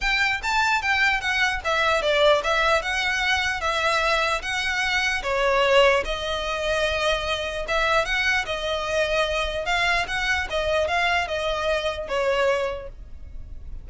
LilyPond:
\new Staff \with { instrumentName = "violin" } { \time 4/4 \tempo 4 = 149 g''4 a''4 g''4 fis''4 | e''4 d''4 e''4 fis''4~ | fis''4 e''2 fis''4~ | fis''4 cis''2 dis''4~ |
dis''2. e''4 | fis''4 dis''2. | f''4 fis''4 dis''4 f''4 | dis''2 cis''2 | }